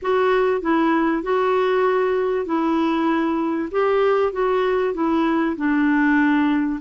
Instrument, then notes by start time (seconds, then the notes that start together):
clarinet
0.01 F#4
0.61 E4
1.22 F#4
2.45 E4
3.71 G4
4.32 F#4
4.94 E4
5.56 D4